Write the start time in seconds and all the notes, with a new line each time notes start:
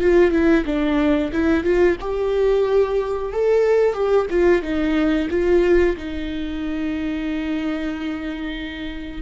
0.00 F4
0.31 E4
0.65 D4
1.32 E4
1.63 F4
2.00 G4
3.32 A4
3.93 G4
4.30 F4
4.62 D#4
5.30 F4
5.96 D#4